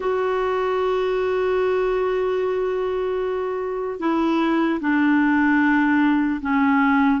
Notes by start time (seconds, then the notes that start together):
0.00 F#4
3.99 E4
4.80 D4
6.41 C#4